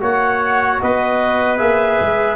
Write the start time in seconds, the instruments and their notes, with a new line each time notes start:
0.00 tuba A#3, trombone F#4, trumpet C#5, clarinet F#5
0.81 tuba B3, trumpet B4, clarinet D#5
1.57 tuba A#3, trombone G#4, clarinet E5
2.00 tuba G#3